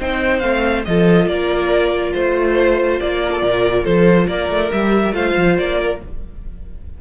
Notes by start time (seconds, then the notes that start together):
0.00 C4 D#4 C5 G5
0.39 A3 C4 F5
0.85 F3 F4 A4 D#5
1.28 A#3 A#4 D5
2.13 A3 C5
3.00 A#3 D5
3.22 A#4
3.31 A4
3.43 A#2 A#4
3.84 F3 A4 C5
4.27 A#3 A#4 D5
4.49 A3
4.71 G3 G4 E5
5.13 A3 F4 C5 F5
5.37 F3
5.58 A#3 D5
5.79 A#4